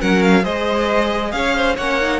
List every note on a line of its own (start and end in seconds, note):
0.00 0.45 F#3
0.00 0.42 C#4
0.00 0.43 A#4
0.00 0.22 F#5
0.22 0.44 F5
0.42 1.33 G#3
0.42 1.75 G#4
0.42 1.31 C5
0.42 1.32 D#5
1.32 1.77 C#4
1.32 1.56 C#5
1.32 1.76 F5
1.56 1.75 C5
1.75 2.19 A#3
1.75 2.01 C#4
1.75 2.19 C#5
1.75 2.19 F#5
2.01 2.19 D#4